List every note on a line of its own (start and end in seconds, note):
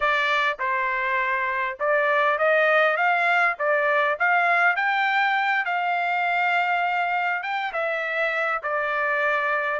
0.00 0.57 D5
0.59 1.77 C5
1.79 2.38 D5
2.38 2.96 D#5
2.96 3.56 F5
3.58 4.18 D5
4.19 4.76 F5
4.76 5.65 G5
5.65 7.42 F5
7.42 7.72 G5
7.72 8.61 E5
8.62 9.80 D5